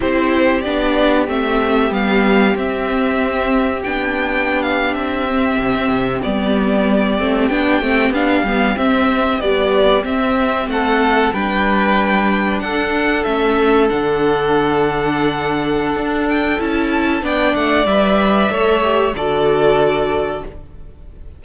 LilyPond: <<
  \new Staff \with { instrumentName = "violin" } { \time 4/4 \tempo 4 = 94 c''4 d''4 e''4 f''4 | e''2 g''4~ g''16 f''8 e''16~ | e''4.~ e''16 d''2 g''16~ | g''8. f''4 e''4 d''4 e''16~ |
e''8. fis''4 g''2 fis''16~ | fis''8. e''4 fis''2~ fis''16~ | fis''4. g''8 a''4 g''8 fis''8 | e''2 d''2 | }
  \new Staff \with { instrumentName = "violin" } { \time 4/4 g'1~ | g'1~ | g'1~ | g'1~ |
g'8. a'4 b'2 a'16~ | a'1~ | a'2. d''4~ | d''4 cis''4 a'2 | }
  \new Staff \with { instrumentName = "viola" } { \time 4/4 e'4 d'4 c'4 b4 | c'2 d'2~ | d'16 c'4. b4. c'8 d'16~ | d'16 c'8 d'8 b8 c'4 g4 c'16~ |
c'4.~ c'16 d'2~ d'16~ | d'8. cis'4 d'2~ d'16~ | d'2 e'4 d'4 | b'4 a'8 g'8 fis'2 | }
  \new Staff \with { instrumentName = "cello" } { \time 4/4 c'4 b4 a4 g4 | c'2 b4.~ b16 c'16~ | c'8. c16 c'16 c8 g4. a8 b16~ | b16 a8 b8 g8 c'4 b4 c'16~ |
c'8. a4 g2 d'16~ | d'8. a4 d2~ d16~ | d4 d'4 cis'4 b8 a8 | g4 a4 d2 | }
>>